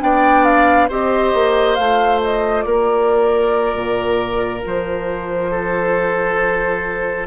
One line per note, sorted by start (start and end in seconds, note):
0.00 0.89 B3
0.00 0.88 D4
0.00 0.88 D5
0.00 0.44 G5
0.44 0.88 F5
0.88 1.33 C4
0.88 1.77 G4
0.88 2.65 C5
0.88 1.75 D#5
1.33 1.78 A#3
1.75 2.65 A3
1.75 7.27 F4
1.75 2.19 F5
2.24 2.62 D#5
2.62 3.74 A#3
2.62 5.51 A#4
2.62 4.60 D5
3.74 4.63 A#2
4.65 7.27 F3
4.65 7.27 C5
5.51 7.27 A4